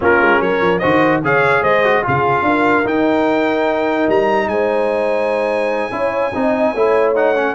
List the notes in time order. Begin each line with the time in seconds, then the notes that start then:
0.00 A#3 C#4 F4 A#4
0.21 G#3
0.40 F#3 A#4 C#5
0.60 F3
0.78 D#3 F#4 C5 D#5
1.23 C#3 G#4 C#5 F5
1.61 G#3 C5 D#5
1.84 F#4
2.03 C#3 F4 G#4 F5
2.42 D4 A#4
2.84 D#4 G5
4.08 G3 A#5
4.47 G#3 C5 G#5
5.91 C#4 E4 C#5
6.34 C4 D#4 D#5
6.73 A3 E4 C#5
7.15 D#4 F#5
7.35 C#4